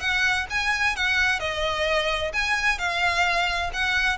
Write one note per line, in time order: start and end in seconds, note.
0.00 0.46 F#5
0.50 0.96 G#5
0.96 1.40 F#5
1.40 2.32 D#5
2.33 2.78 G#5
2.78 3.71 F5
3.73 4.17 F#5